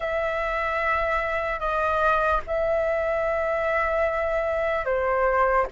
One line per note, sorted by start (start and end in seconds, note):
0.00 1.59 E5
1.59 2.40 D#5
2.46 4.85 E5
4.85 5.66 C5